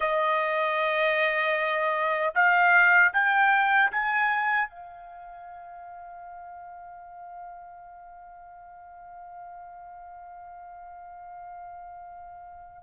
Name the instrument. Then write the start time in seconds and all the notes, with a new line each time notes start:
trumpet
0.00 D#5
2.34 F5
3.13 G5
3.91 G#5
4.69 F5